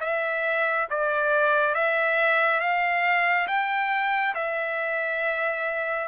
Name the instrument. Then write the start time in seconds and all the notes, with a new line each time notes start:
trumpet
0.00 E5
0.90 D5
1.74 E5
2.60 F5
3.47 G5
4.34 E5